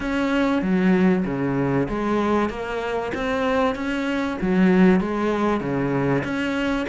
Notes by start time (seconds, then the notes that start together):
0.00 C#4
0.62 F#3
1.25 C#3
1.89 G#3
2.49 A#3
3.14 C4
3.75 C#4
4.41 F#3
5.00 G#3
5.60 C#3
6.24 C#4